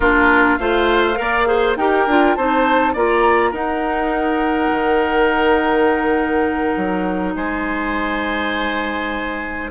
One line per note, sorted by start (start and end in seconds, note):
0.00 0.59 A#3
0.00 0.59 D4
0.00 0.59 F4
0.00 0.56 A#4
0.56 1.18 A3
0.56 1.15 F4
0.56 1.18 C5
0.56 1.74 F5
1.15 1.76 A#3
1.15 1.44 A#4
1.21 1.48 D5
1.45 1.75 G#4
1.45 1.77 C5
1.76 2.05 D#4
1.76 2.08 G4
1.76 2.37 A#4
1.76 2.35 G5
2.06 2.36 D4
2.06 2.38 F4
2.35 2.94 C4
2.35 2.95 D#4
2.35 2.93 C5
2.35 2.94 A5
2.93 3.51 A#3
2.93 3.54 F4
2.93 3.50 D5
2.93 3.53 A#5
3.50 4.69 D#4
3.50 9.70 D#4
3.50 7.33 A#4
3.50 7.35 F#5
4.70 6.76 D#3
6.76 7.35 F#3
7.35 9.70 G#3
7.35 9.70 C5
7.35 9.70 G#5